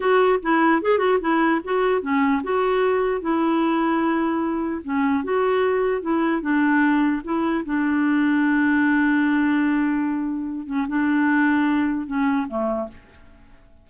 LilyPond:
\new Staff \with { instrumentName = "clarinet" } { \time 4/4 \tempo 4 = 149 fis'4 e'4 gis'8 fis'8 e'4 | fis'4 cis'4 fis'2 | e'1 | cis'4 fis'2 e'4 |
d'2 e'4 d'4~ | d'1~ | d'2~ d'8 cis'8 d'4~ | d'2 cis'4 a4 | }